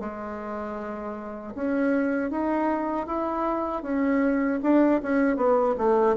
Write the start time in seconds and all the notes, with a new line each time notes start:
0.00 G#3
1.55 C#4
2.30 D#4
3.07 E4
3.83 C#4
4.63 D4
5.03 C#4
5.37 B3
5.78 A3